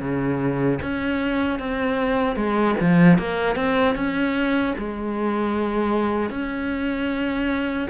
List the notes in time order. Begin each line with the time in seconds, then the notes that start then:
0.00 C#3
0.82 C#4
1.59 C4
2.35 G#3
2.80 F3
3.18 A#3
3.55 C4
3.95 C#4
4.78 G#3
6.30 C#4